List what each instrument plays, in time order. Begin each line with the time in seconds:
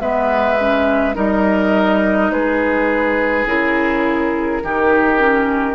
0.00 bassoon G#3, clarinet B3, oboe B4, flute E5
0.60 clarinet C#4
1.14 bassoon G3, clarinet D#4, oboe A#4, flute D#5
2.30 bassoon G#3, oboe G#4, flute B4
3.46 bassoon C#3, clarinet E4, flute A#4
4.62 bassoon D#3, clarinet D#4, oboe G4
5.18 clarinet C#4